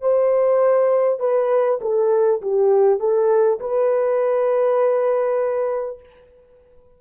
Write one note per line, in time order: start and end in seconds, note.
0.00 1.19 C5
1.19 1.79 B4
1.81 2.41 A4
2.41 2.99 G4
2.99 3.59 A4
3.59 5.99 B4